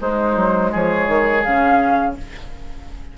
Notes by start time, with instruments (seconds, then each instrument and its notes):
0.00 bassoon G#3, clarinet G#3, oboe D#4, flute C5
0.36 bassoon F#3
0.71 bassoon F3, oboe G#4, flute C#5
1.07 bassoon D#3
1.43 bassoon C#3, clarinet C#4, flute F5